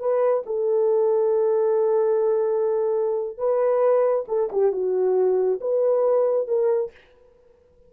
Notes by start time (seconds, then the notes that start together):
0.00 B4
0.47 A4
3.38 B4
4.28 A4
4.53 G4
4.72 F#4
5.61 B4
6.48 A#4